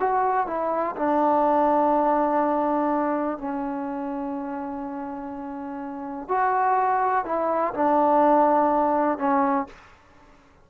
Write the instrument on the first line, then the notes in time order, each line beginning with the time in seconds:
trombone
0.00 F#4
0.48 E4
0.97 D4
3.38 C#4
6.29 F#4
7.25 E4
7.74 D4
9.19 C#4